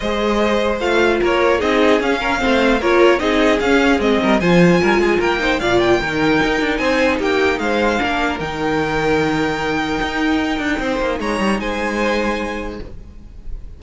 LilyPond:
<<
  \new Staff \with { instrumentName = "violin" } { \time 4/4 \tempo 4 = 150 dis''2 f''4 cis''4 | dis''4 f''2 cis''4 | dis''4 f''4 dis''4 gis''4~ | gis''4 g''4 f''8 g''4.~ |
g''4 gis''4 g''4 f''4~ | f''4 g''2.~ | g''1 | ais''4 gis''2. | }
  \new Staff \with { instrumentName = "violin" } { \time 4/4 c''2. ais'4 | gis'4. ais'8 c''4 ais'4 | gis'2~ gis'8 ais'8 c''4 | ais'8 gis'8 ais'8 c''8 d''4 ais'4~ |
ais'4 c''4 g'4 c''4 | ais'1~ | ais'2. c''4 | cis''4 c''2. | }
  \new Staff \with { instrumentName = "viola" } { \time 4/4 gis'2 f'2 | dis'4 cis'4 c'4 f'4 | dis'4 cis'4 c'4 f'4~ | f'4. dis'8 f'4 dis'4~ |
dis'1 | d'4 dis'2.~ | dis'1~ | dis'1 | }
  \new Staff \with { instrumentName = "cello" } { \time 4/4 gis2 a4 ais4 | c'4 cis'4 a4 ais4 | c'4 cis'4 gis8 g8 f4 | g8 gis8 ais4 ais,4 dis4 |
dis'8 d'8 c'4 ais4 gis4 | ais4 dis2.~ | dis4 dis'4. d'8 c'8 ais8 | gis8 g8 gis2. | }
>>